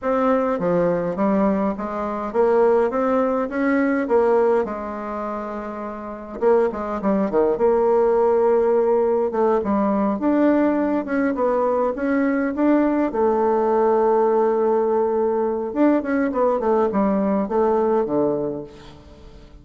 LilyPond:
\new Staff \with { instrumentName = "bassoon" } { \time 4/4 \tempo 4 = 103 c'4 f4 g4 gis4 | ais4 c'4 cis'4 ais4 | gis2. ais8 gis8 | g8 dis8 ais2. |
a8 g4 d'4. cis'8 b8~ | b8 cis'4 d'4 a4.~ | a2. d'8 cis'8 | b8 a8 g4 a4 d4 | }